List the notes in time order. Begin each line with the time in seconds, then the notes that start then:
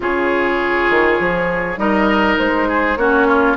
0.00 C#3 F4 G#4 C#5
0.90 D#3
1.19 F3
1.77 G3 D#4 A#4 D#5
2.38 G#3 C5
2.68 G#4
2.96 A#3 C#4 F#4 C#5
3.27 F4